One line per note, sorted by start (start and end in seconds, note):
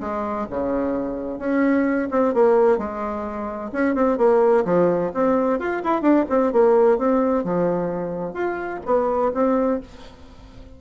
0.00 0.47 G#3
0.50 1.39 C#3
1.39 2.08 C#4
2.11 2.34 C4
2.34 2.78 A#3
2.78 3.71 G#3
3.72 3.95 C#4
3.95 4.18 C4
4.18 4.64 A#3
4.65 5.11 F3
5.14 5.59 C4
5.59 5.82 F4
5.84 6.01 E4
6.01 6.25 D4
6.29 6.52 C4
6.52 6.98 A#3
6.98 7.44 C4
7.44 8.34 F3
8.34 8.80 F4
8.85 9.32 B3
9.34 9.81 C4